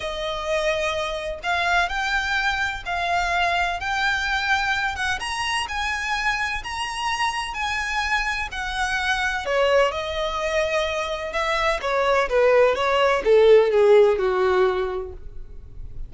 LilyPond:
\new Staff \with { instrumentName = "violin" } { \time 4/4 \tempo 4 = 127 dis''2. f''4 | g''2 f''2 | g''2~ g''8 fis''8 ais''4 | gis''2 ais''2 |
gis''2 fis''2 | cis''4 dis''2. | e''4 cis''4 b'4 cis''4 | a'4 gis'4 fis'2 | }